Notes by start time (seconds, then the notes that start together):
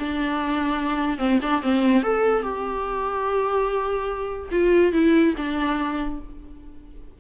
0.00 D4
1.19 C4
1.42 D4
1.63 C4
2.03 A4
2.43 G4
4.52 F4
4.93 E4
5.38 D4